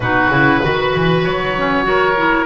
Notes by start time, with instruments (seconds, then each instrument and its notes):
0.00 double bass B2, clarinet D#4, oboe F#4 B4
0.28 double bass C#3, clarinet E4
0.60 double bass D#3, clarinet F#4, oboe B4
0.95 double bass E3
1.24 double bass F#3, oboe C#5
1.56 clarinet C#4
1.83 clarinet F#4, oboe A#4
2.16 clarinet E4